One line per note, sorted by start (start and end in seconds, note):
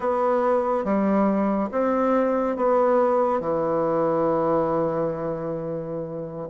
0.00 0.84 B3
0.84 1.69 G3
1.71 2.56 C4
2.56 3.40 B3
3.40 6.48 E3